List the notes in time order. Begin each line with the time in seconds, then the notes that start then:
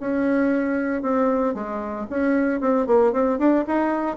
0.00 C#4
1.02 C4
1.54 G#3
2.10 C#4
2.61 C4
2.87 A#3
3.13 C4
3.39 D4
3.67 D#4